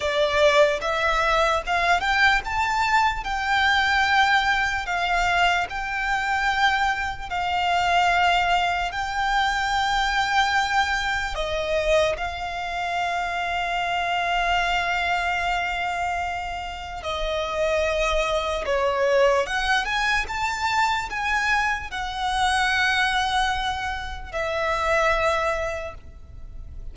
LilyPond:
\new Staff \with { instrumentName = "violin" } { \time 4/4 \tempo 4 = 74 d''4 e''4 f''8 g''8 a''4 | g''2 f''4 g''4~ | g''4 f''2 g''4~ | g''2 dis''4 f''4~ |
f''1~ | f''4 dis''2 cis''4 | fis''8 gis''8 a''4 gis''4 fis''4~ | fis''2 e''2 | }